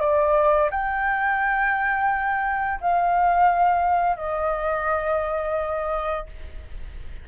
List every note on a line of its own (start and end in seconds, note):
0.00 0.70 D5
0.70 2.80 G5
2.81 4.17 F5
4.17 6.26 D#5